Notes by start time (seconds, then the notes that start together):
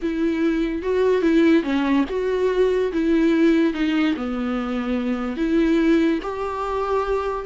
0.02 E4
0.82 F#4
1.21 E4
1.63 C#4
2.09 F#4
2.92 E4
3.73 D#4
4.16 B3
5.36 E4
6.22 G4